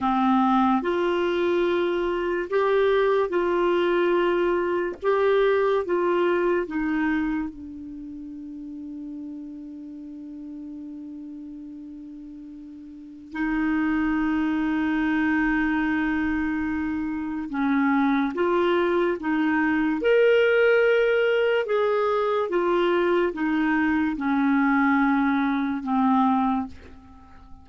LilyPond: \new Staff \with { instrumentName = "clarinet" } { \time 4/4 \tempo 4 = 72 c'4 f'2 g'4 | f'2 g'4 f'4 | dis'4 d'2.~ | d'1 |
dis'1~ | dis'4 cis'4 f'4 dis'4 | ais'2 gis'4 f'4 | dis'4 cis'2 c'4 | }